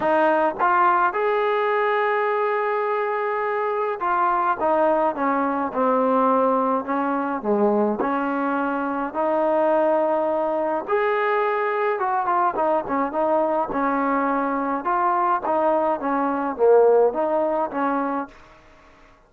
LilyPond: \new Staff \with { instrumentName = "trombone" } { \time 4/4 \tempo 4 = 105 dis'4 f'4 gis'2~ | gis'2. f'4 | dis'4 cis'4 c'2 | cis'4 gis4 cis'2 |
dis'2. gis'4~ | gis'4 fis'8 f'8 dis'8 cis'8 dis'4 | cis'2 f'4 dis'4 | cis'4 ais4 dis'4 cis'4 | }